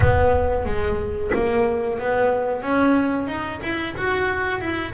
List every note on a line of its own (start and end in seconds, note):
0.00 0.65 B3
0.65 1.31 G#3
1.34 1.99 A#3
1.99 2.62 B3
2.62 3.27 C#4
3.27 3.60 D#4
3.62 3.95 E4
3.96 4.60 F#4
4.60 4.93 E4